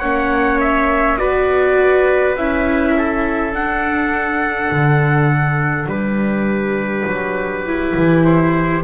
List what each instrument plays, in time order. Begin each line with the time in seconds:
0.00 double bass A#3, viola C#4, trumpet C#5 F#5
0.60 trumpet E5
1.18 double bass B3, viola F#4, trumpet B4 D5
2.36 double bass C#4, viola E4, trumpet E5
2.98 trumpet A4
3.52 double bass D4, viola D4, trumpet F#5
4.71 double bass D3
5.86 double bass G3, trumpet G4 B4
7.07 double bass F#3
7.66 viola E4
7.96 double bass E3
8.24 trumpet C5